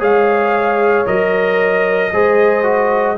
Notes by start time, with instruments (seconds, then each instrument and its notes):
0.00 tuba G#3, trombone G#4, horn C#5, trumpet F5
1.06 tuba F#3, trombone A#4, trumpet D#5
2.13 tuba G#3, trombone G#4, horn C5
2.63 trombone F#4